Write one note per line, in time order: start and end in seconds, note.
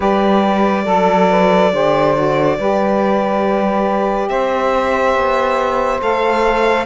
0.00 0.86 G3
0.00 0.82 G4
0.00 0.84 B4
0.00 4.29 D5
0.84 1.71 F#3
0.84 1.27 A4
0.84 1.72 A4
1.29 1.72 B4
1.72 2.58 D3
1.72 2.14 G4
1.72 2.58 C5
2.14 2.57 F#4
2.58 4.29 G3
2.58 6.00 G4
2.58 4.29 B4
4.29 5.14 C4
4.29 6.86 C5
4.29 6.00 E5
5.14 6.00 B3
6.00 6.86 A3
6.00 6.86 A4
6.00 6.86 F5